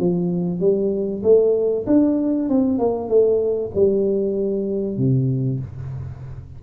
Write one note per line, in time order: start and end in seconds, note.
0.00 0.60 F3
0.60 1.23 G3
1.23 1.86 A3
1.87 2.49 D4
2.49 2.79 C4
2.79 3.09 A#3
3.09 3.71 A3
3.75 4.98 G3
4.98 5.61 C3